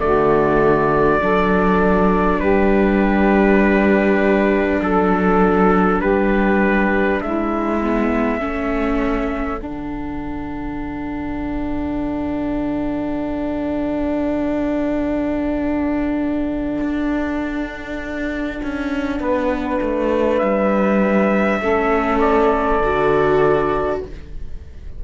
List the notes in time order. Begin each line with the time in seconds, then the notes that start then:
0.00 D3 A3 F#4 D5
1.21 F#3 D4 A4
2.40 G3 G4 B4
4.81 F#3 A4
5.99 G3 G4 B4
7.21 G#3 E4 E5
7.82 B3
8.39 A3 C#4 A4
9.61 D3 D4 F#5
16.81 D4
18.63 C#4
19.20 B3 B4
19.82 A3
20.38 G3 E5
21.61 A3 C#4 A4
22.20 D5
22.82 D3 F#4